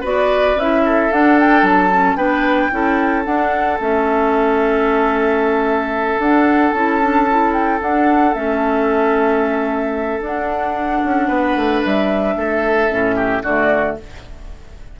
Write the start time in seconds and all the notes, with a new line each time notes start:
0.00 B3 F#4 B4 D5
0.54 C#4 E5
0.60 E4
0.85 A4
1.11 D4 F#5
1.39 G5
1.62 F#3 A5
1.91 C#4
2.15 B3 D4 B4 G5
2.71 C#4 E4 A4
3.24 D4 F#5
3.79 A3 C#4 E5
6.18 D4 F#5
6.71 C#4 E4 A5
7.01 D4
7.29 E4
7.53 G5
7.79 D4 F#5
8.32 A3 C#4 E5
10.20 D4 F#5
11.04 C#4
11.27 B3 B4
11.55 A3
11.83 G3 E5
12.35 A3 A4
12.89 A2 C#4
13.15 G4
13.42 D3 A3 F#4 D5